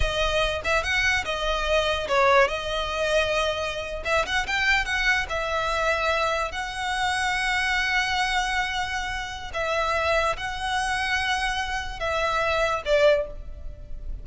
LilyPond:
\new Staff \with { instrumentName = "violin" } { \time 4/4 \tempo 4 = 145 dis''4. e''8 fis''4 dis''4~ | dis''4 cis''4 dis''2~ | dis''4.~ dis''16 e''8 fis''8 g''4 fis''16~ | fis''8. e''2. fis''16~ |
fis''1~ | fis''2. e''4~ | e''4 fis''2.~ | fis''4 e''2 d''4 | }